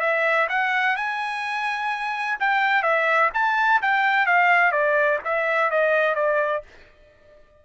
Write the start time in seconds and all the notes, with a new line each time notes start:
0.00 E5
0.49 F#5
0.96 G#5
2.40 G5
2.83 E5
3.34 A5
3.82 G5
4.26 F5
4.72 D5
5.24 E5
5.70 D#5
6.15 D5